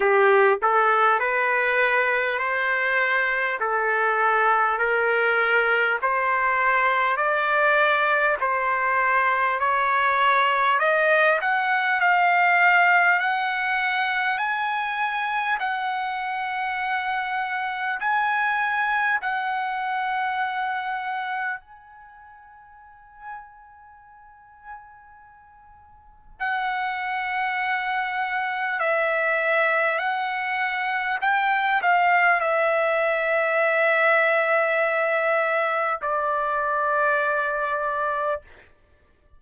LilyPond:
\new Staff \with { instrumentName = "trumpet" } { \time 4/4 \tempo 4 = 50 g'8 a'8 b'4 c''4 a'4 | ais'4 c''4 d''4 c''4 | cis''4 dis''8 fis''8 f''4 fis''4 | gis''4 fis''2 gis''4 |
fis''2 gis''2~ | gis''2 fis''2 | e''4 fis''4 g''8 f''8 e''4~ | e''2 d''2 | }